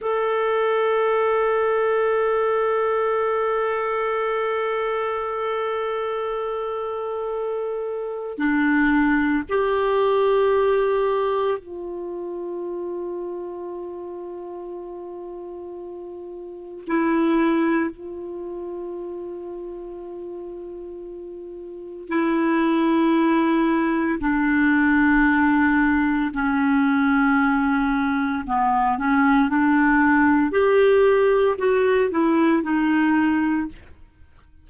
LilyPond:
\new Staff \with { instrumentName = "clarinet" } { \time 4/4 \tempo 4 = 57 a'1~ | a'1 | d'4 g'2 f'4~ | f'1 |
e'4 f'2.~ | f'4 e'2 d'4~ | d'4 cis'2 b8 cis'8 | d'4 g'4 fis'8 e'8 dis'4 | }